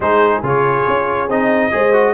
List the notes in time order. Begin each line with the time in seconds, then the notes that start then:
0.00 G#3 D#4 G#4 C5
0.42 C#3 F4 C#5
0.87 C#4
1.28 C4 D#4 D#5
1.71 G#3 G#4 C5
1.93 F#4